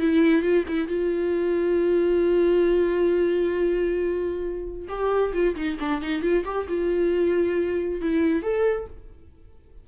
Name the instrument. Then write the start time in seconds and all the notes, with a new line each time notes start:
viola
0.00 E4
0.42 F4
0.68 E4
0.88 F4
4.89 G4
5.33 F4
5.56 D#4
5.80 D4
6.02 D#4
6.22 F4
6.45 G4
6.68 F4
8.02 E4
8.43 A4